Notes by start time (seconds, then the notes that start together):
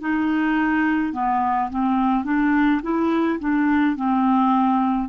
0.00 D#4
1.13 B3
1.70 C4
2.24 D4
2.83 E4
3.40 D4
3.96 C4